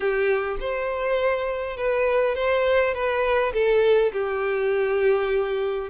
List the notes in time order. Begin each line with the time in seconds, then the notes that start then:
0.00 G4
0.60 C5
1.76 B4
2.35 C5
2.94 B4
3.53 A4
4.12 G4